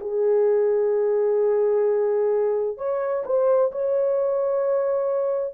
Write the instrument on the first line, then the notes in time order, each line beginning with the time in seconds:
horn
0.00 G#4
2.77 C#5
3.25 C5
3.71 C#5